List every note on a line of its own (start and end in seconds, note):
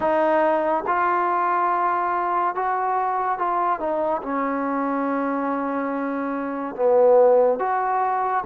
0.00 0.84 D#4
0.86 2.55 F4
2.55 3.38 F#4
3.38 3.79 F4
3.79 4.21 D#4
4.22 6.75 C#4
6.75 7.59 B3
7.59 8.44 F#4